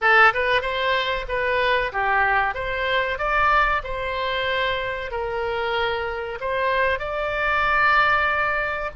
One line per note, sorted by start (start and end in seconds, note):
0.01 0.33 A4
0.33 0.61 B4
0.61 1.25 C5
1.28 1.92 B4
1.92 2.54 G4
2.54 3.18 C5
3.18 3.82 D5
3.83 5.11 C5
5.11 6.38 A#4
6.40 6.99 C5
6.99 8.90 D5